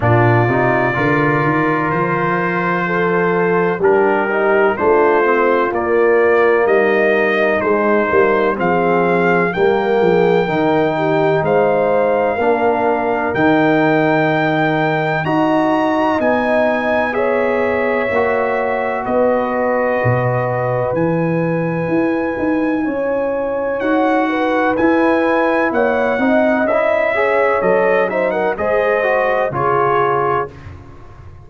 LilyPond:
<<
  \new Staff \with { instrumentName = "trumpet" } { \time 4/4 \tempo 4 = 63 d''2 c''2 | ais'4 c''4 d''4 dis''4 | c''4 f''4 g''2 | f''2 g''2 |
ais''4 gis''4 e''2 | dis''2 gis''2~ | gis''4 fis''4 gis''4 fis''4 | e''4 dis''8 e''16 fis''16 dis''4 cis''4 | }
  \new Staff \with { instrumentName = "horn" } { \time 4/4 f'4 ais'2 a'4 | g'4 f'2 dis'4~ | dis'4 gis'4 ais'8 gis'8 ais'8 g'8 | c''4 ais'2. |
dis''2 cis''2 | b'1 | cis''4. b'4. cis''8 dis''8~ | dis''8 cis''4 c''16 ais'16 c''4 gis'4 | }
  \new Staff \with { instrumentName = "trombone" } { \time 4/4 d'8 dis'8 f'2. | d'8 dis'8 d'8 c'8 ais2 | gis8 ais8 c'4 ais4 dis'4~ | dis'4 d'4 dis'2 |
fis'4 dis'4 gis'4 fis'4~ | fis'2 e'2~ | e'4 fis'4 e'4. dis'8 | e'8 gis'8 a'8 dis'8 gis'8 fis'8 f'4 | }
  \new Staff \with { instrumentName = "tuba" } { \time 4/4 ais,8 c8 d8 dis8 f2 | g4 a4 ais4 g4 | gis8 g8 f4 g8 f8 dis4 | gis4 ais4 dis2 |
dis'4 b2 ais4 | b4 b,4 e4 e'8 dis'8 | cis'4 dis'4 e'4 ais8 c'8 | cis'4 fis4 gis4 cis4 | }
>>